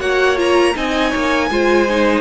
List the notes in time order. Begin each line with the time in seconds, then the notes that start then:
0.00 A#3 F#4 C#5 F#5
0.36 F4 A#5
0.75 C4 D#4 D#5 G#5
1.10 A#3 C#5
1.50 G#3 F4 C5
1.90 D#4